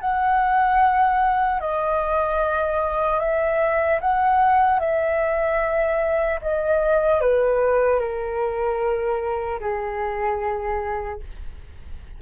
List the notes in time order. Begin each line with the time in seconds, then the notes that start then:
0.00 F#5
1.60 D#5
3.19 E5
4.00 F#5
4.79 E5
6.41 D#5
7.20 B4
7.99 A#4
9.60 G#4